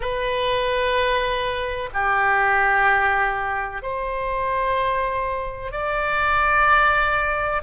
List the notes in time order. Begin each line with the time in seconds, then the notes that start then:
0.00 B4
1.93 G4
3.82 C5
5.71 D5